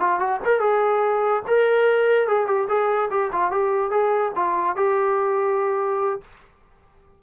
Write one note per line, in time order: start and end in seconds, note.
0.00 0.20 F4
0.20 0.40 F#4
0.45 0.60 A#4
0.60 1.43 G#4
1.47 2.27 A#4
2.27 2.47 G#4
2.47 2.67 G4
2.68 3.10 G#4
3.10 3.31 G4
3.33 3.51 F4
3.51 3.91 G4
3.91 4.32 G#4
4.36 4.76 F4
4.76 6.21 G4